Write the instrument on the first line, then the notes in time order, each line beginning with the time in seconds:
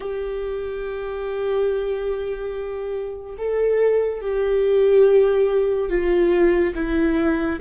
viola
0.00 G4
3.38 A4
4.21 G4
5.89 F4
6.75 E4